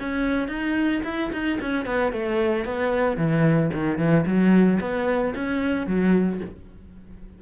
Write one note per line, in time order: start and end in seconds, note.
0.00 0.48 C#4
0.48 1.02 D#4
1.04 1.31 E4
1.32 1.59 D#4
1.61 1.86 C#4
1.86 2.13 B3
2.13 2.65 A3
2.65 3.17 B3
3.17 3.71 E3
3.74 3.98 D#3
3.98 4.25 E3
4.26 4.80 F#3
4.81 5.34 B3
5.35 5.87 C#4
5.87 6.41 F#3